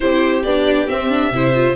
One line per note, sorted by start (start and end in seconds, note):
0.00 0.44 C4
0.00 0.44 E4
0.00 1.33 G4
0.00 0.42 C5
0.43 0.88 B3
0.43 0.87 D4
0.43 0.87 D5
0.87 1.09 C4
0.87 1.31 C4
0.87 1.76 E5
1.09 1.31 D4
1.31 1.75 C3
1.31 1.53 E4
1.31 1.76 C5
1.53 1.75 F4